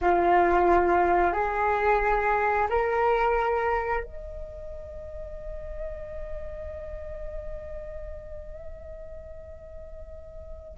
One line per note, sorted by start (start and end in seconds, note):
0.01 1.32 F4
1.32 2.67 G#4
2.69 4.03 A#4
4.03 10.77 D#5